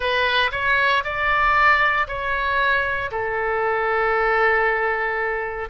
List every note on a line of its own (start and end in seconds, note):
0.00 0.50 B4
0.51 1.03 C#5
1.03 2.07 D5
2.07 3.10 C#5
3.11 5.69 A4